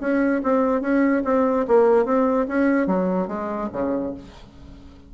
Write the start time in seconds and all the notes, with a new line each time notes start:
0.00 C#4
0.43 C4
0.81 C#4
1.24 C4
1.67 A#3
2.05 C4
2.48 C#4
2.86 F#3
3.27 G#3
3.72 C#3